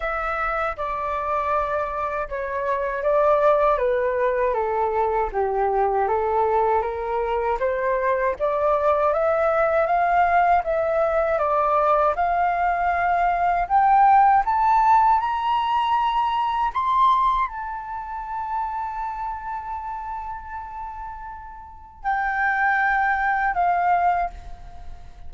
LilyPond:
\new Staff \with { instrumentName = "flute" } { \time 4/4 \tempo 4 = 79 e''4 d''2 cis''4 | d''4 b'4 a'4 g'4 | a'4 ais'4 c''4 d''4 | e''4 f''4 e''4 d''4 |
f''2 g''4 a''4 | ais''2 c'''4 a''4~ | a''1~ | a''4 g''2 f''4 | }